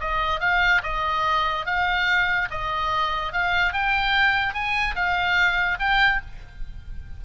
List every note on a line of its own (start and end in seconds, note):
0.00 0.40 D#5
0.40 0.81 F5
0.83 1.65 D#5
1.65 2.48 F5
2.50 3.32 D#5
3.32 3.73 F5
3.73 4.53 G5
4.53 4.95 G#5
4.95 5.78 F5
5.79 6.21 G5